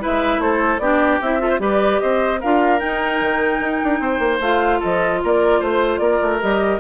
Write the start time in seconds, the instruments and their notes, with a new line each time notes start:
0.00 clarinet E4, oboe B4, flute E5
0.06 bassoon G#3
0.38 bassoon A3, oboe A4, flute C5
0.79 bassoon B3, clarinet D4, oboe G4, flute D5
1.22 bassoon C4, clarinet E4, flute E5
1.39 clarinet F4, oboe A4
1.49 oboe C5
1.59 bassoon G3, clarinet G4, oboe B4, flute D5
2.00 bassoon C4, oboe C5, flute D#5
2.41 bassoon D4, clarinet F4, oboe A#4, flute F5
2.79 clarinet D#4, bassoon D#4, flute G5
3.21 bassoon D#3
3.60 bassoon D#4
3.84 bassoon D4
4.00 bassoon C4, oboe C5
4.19 bassoon A#3
4.40 bassoon A3, clarinet F4, flute F5
4.80 bassoon F3, oboe A4, flute D#5
5.24 bassoon A#3, oboe A#4, flute D5
5.60 bassoon A3, oboe C5, flute C5
5.98 bassoon A#3, oboe A#4, flute D5
6.22 bassoon A3
6.41 bassoon G3, clarinet G4, flute D#5